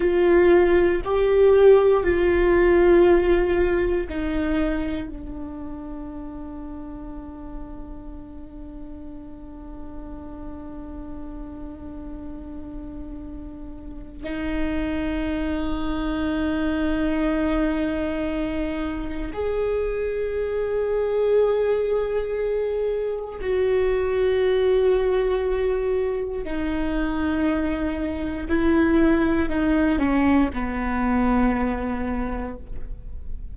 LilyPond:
\new Staff \with { instrumentName = "viola" } { \time 4/4 \tempo 4 = 59 f'4 g'4 f'2 | dis'4 d'2.~ | d'1~ | d'2 dis'2~ |
dis'2. gis'4~ | gis'2. fis'4~ | fis'2 dis'2 | e'4 dis'8 cis'8 b2 | }